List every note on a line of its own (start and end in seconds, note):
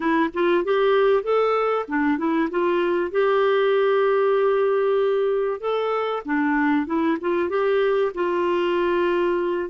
0.00 0.30 E4
0.33 0.64 F4
0.64 1.23 G4
1.23 1.85 A4
1.88 2.18 D4
2.18 2.49 E4
2.50 3.11 F4
3.11 5.60 G4
5.60 6.22 A4
6.25 6.86 D4
6.86 7.17 E4
7.20 7.49 F4
7.49 8.11 G4
8.14 9.69 F4